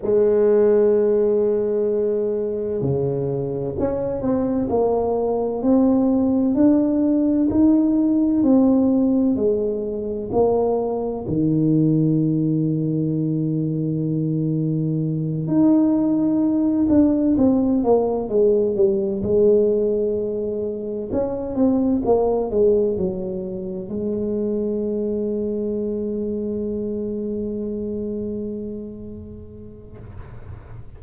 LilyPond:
\new Staff \with { instrumentName = "tuba" } { \time 4/4 \tempo 4 = 64 gis2. cis4 | cis'8 c'8 ais4 c'4 d'4 | dis'4 c'4 gis4 ais4 | dis1~ |
dis8 dis'4. d'8 c'8 ais8 gis8 | g8 gis2 cis'8 c'8 ais8 | gis8 fis4 gis2~ gis8~ | gis1 | }